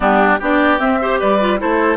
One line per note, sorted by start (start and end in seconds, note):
0.00 0.39 G3
0.00 0.37 B3
0.00 0.39 D4
0.00 0.41 G4
0.39 0.80 B3
0.39 0.79 D4
0.39 0.99 G4
0.39 0.79 D5
0.79 0.99 C4
0.79 1.20 C4
0.79 1.19 E5
1.01 1.40 G4
1.01 1.19 C5
1.19 1.61 G3
1.19 1.59 B4
1.19 1.59 D5
1.40 1.58 F4
1.58 1.97 A3
1.58 1.97 E4
1.58 1.97 A4
1.58 1.97 C5